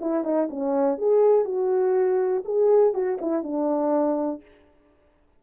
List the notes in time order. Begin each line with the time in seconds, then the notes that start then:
0.00 E4
0.23 D#4
0.50 C#4
0.97 G#4
1.44 F#4
2.44 G#4
2.93 F#4
3.21 E4
3.43 D4